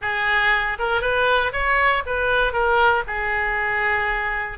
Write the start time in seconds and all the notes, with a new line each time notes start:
0.01 G#4
0.78 A#4
1.01 B4
1.52 C#5
2.05 B4
2.52 A#4
3.07 G#4